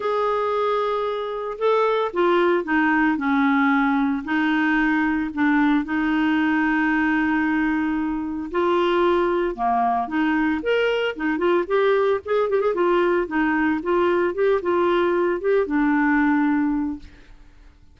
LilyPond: \new Staff \with { instrumentName = "clarinet" } { \time 4/4 \tempo 4 = 113 gis'2. a'4 | f'4 dis'4 cis'2 | dis'2 d'4 dis'4~ | dis'1 |
f'2 ais4 dis'4 | ais'4 dis'8 f'8 g'4 gis'8 g'16 gis'16 | f'4 dis'4 f'4 g'8 f'8~ | f'4 g'8 d'2~ d'8 | }